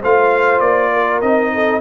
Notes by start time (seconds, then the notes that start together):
0.00 A3 F4 C5 F5
0.60 A#3 D5
0.93 A#4
1.21 C4 D#4 D#5
1.54 A4